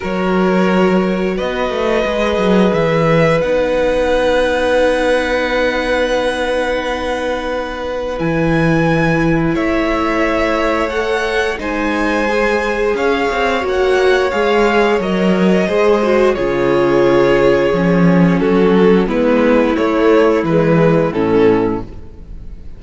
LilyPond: <<
  \new Staff \with { instrumentName = "violin" } { \time 4/4 \tempo 4 = 88 cis''2 dis''2 | e''4 fis''2.~ | fis''1 | gis''2 e''2 |
fis''4 gis''2 f''4 | fis''4 f''4 dis''2 | cis''2. a'4 | b'4 cis''4 b'4 a'4 | }
  \new Staff \with { instrumentName = "violin" } { \time 4/4 ais'2 b'2~ | b'1~ | b'1~ | b'2 cis''2~ |
cis''4 c''2 cis''4~ | cis''2. c''4 | gis'2. fis'4 | e'1 | }
  \new Staff \with { instrumentName = "viola" } { \time 4/4 fis'2. gis'4~ | gis'4 dis'2.~ | dis'1 | e'1 |
a'4 dis'4 gis'2 | fis'4 gis'4 ais'4 gis'8 fis'8 | f'2 cis'2 | b4 a4 gis4 cis'4 | }
  \new Staff \with { instrumentName = "cello" } { \time 4/4 fis2 b8 a8 gis8 fis8 | e4 b2.~ | b1 | e2 a2~ |
a4 gis2 cis'8 c'8 | ais4 gis4 fis4 gis4 | cis2 f4 fis4 | gis4 a4 e4 a,4 | }
>>